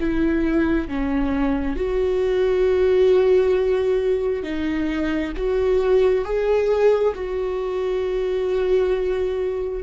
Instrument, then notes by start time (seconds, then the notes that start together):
viola
0.00 E4
0.88 C#4
1.76 F#4
4.43 D#4
5.37 F#4
6.25 G#4
7.15 F#4